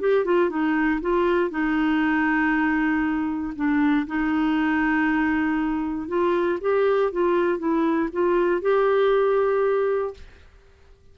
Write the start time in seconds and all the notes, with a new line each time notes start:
0.00 G4
0.25 F4
0.49 D#4
1.01 F4
1.50 D#4
3.56 D4
4.07 D#4
6.08 F4
6.61 G4
7.12 F4
7.59 E4
8.12 F4
8.62 G4